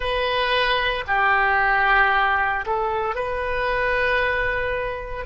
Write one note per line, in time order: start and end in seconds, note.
0.00 1.04 B4
1.07 2.65 G4
2.66 3.15 A4
3.15 5.25 B4